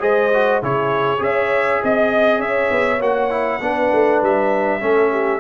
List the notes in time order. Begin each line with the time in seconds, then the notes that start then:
0.00 G#3 G#4 C5 D#5
0.34 F#4
0.61 C#3 E4 G#4 C#5
1.18 C#4 G#4 C#5 E5
1.83 C4 D#5
2.39 C#4 C#5 E5
2.71 B3
3.00 A#3 F#4 F#5
3.30 E4
3.60 B3 D4 B4
3.93 A3
4.22 G3 E5
4.80 A3 C#4 A4
5.11 G4